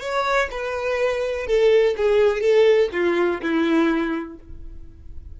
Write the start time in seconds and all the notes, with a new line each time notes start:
0.00 C#5
0.51 B4
1.46 A4
1.97 G#4
2.41 A4
2.92 F4
3.41 E4